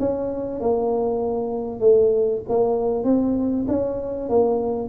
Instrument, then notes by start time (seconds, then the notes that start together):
tuba
0.00 C#4
0.61 A#3
1.80 A3
2.49 A#3
3.04 C4
3.68 C#4
4.29 A#3